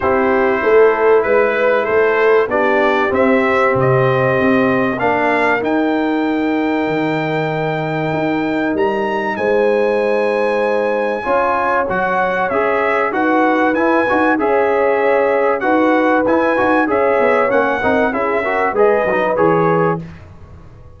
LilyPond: <<
  \new Staff \with { instrumentName = "trumpet" } { \time 4/4 \tempo 4 = 96 c''2 b'4 c''4 | d''4 e''4 dis''2 | f''4 g''2.~ | g''2 ais''4 gis''4~ |
gis''2. fis''4 | e''4 fis''4 gis''4 e''4~ | e''4 fis''4 gis''4 e''4 | fis''4 e''4 dis''4 cis''4 | }
  \new Staff \with { instrumentName = "horn" } { \time 4/4 g'4 a'4 b'4 a'4 | g'1 | ais'1~ | ais'2. c''4~ |
c''2 cis''2~ | cis''4 b'2 cis''4~ | cis''4 b'2 cis''4~ | cis''8 ais'8 gis'8 ais'8 b'2 | }
  \new Staff \with { instrumentName = "trombone" } { \time 4/4 e'1 | d'4 c'2. | d'4 dis'2.~ | dis'1~ |
dis'2 f'4 fis'4 | gis'4 fis'4 e'8 fis'8 gis'4~ | gis'4 fis'4 e'8 fis'8 gis'4 | cis'8 dis'8 e'8 fis'8 gis'8 dis'8 gis'4 | }
  \new Staff \with { instrumentName = "tuba" } { \time 4/4 c'4 a4 gis4 a4 | b4 c'4 c4 c'4 | ais4 dis'2 dis4~ | dis4 dis'4 g4 gis4~ |
gis2 cis'4 fis4 | cis'4 dis'4 e'8 dis'8 cis'4~ | cis'4 dis'4 e'8 dis'8 cis'8 b8 | ais8 c'8 cis'4 gis8 fis8 e4 | }
>>